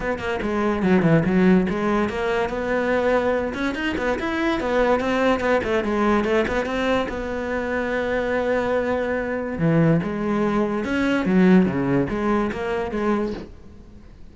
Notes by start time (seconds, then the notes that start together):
0.00 B3
0.19 A#3
0.42 G#3
0.83 F#3
1.02 E3
1.25 F#3
1.69 G#3
2.09 A#3
2.49 B3
3.53 C#4
3.74 D#4
3.97 B3
4.19 E4
4.60 B3
5.00 C4
5.40 B3
5.63 A3
5.84 G#3
6.24 A3
6.47 B3
6.65 C4
7.08 B3
9.58 E3
10.03 G#3
10.84 C#4
11.25 F#3
11.65 C#3
12.09 G#3
12.52 A#3
12.91 G#3